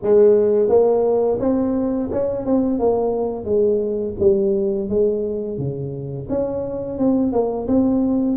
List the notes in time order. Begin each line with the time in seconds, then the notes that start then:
0.02 G#3
0.68 A#3
1.39 C4
2.11 C#4
2.45 C4
2.79 A#3
3.44 G#3
4.19 G3
4.89 G#3
5.58 C#3
6.29 C#4
6.98 C4
7.32 A#3
7.67 C4